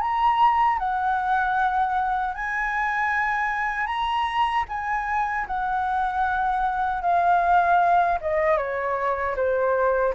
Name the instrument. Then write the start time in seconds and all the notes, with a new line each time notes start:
flute
0.00 A#5
0.78 F#5
2.34 G#5
3.86 A#5
4.68 G#5
5.47 F#5
7.01 F5
8.20 D#5
8.57 C#5
9.36 C5